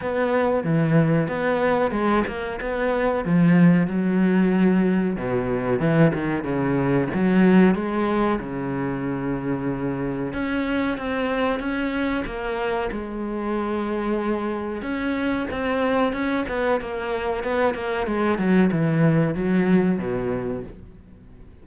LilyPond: \new Staff \with { instrumentName = "cello" } { \time 4/4 \tempo 4 = 93 b4 e4 b4 gis8 ais8 | b4 f4 fis2 | b,4 e8 dis8 cis4 fis4 | gis4 cis2. |
cis'4 c'4 cis'4 ais4 | gis2. cis'4 | c'4 cis'8 b8 ais4 b8 ais8 | gis8 fis8 e4 fis4 b,4 | }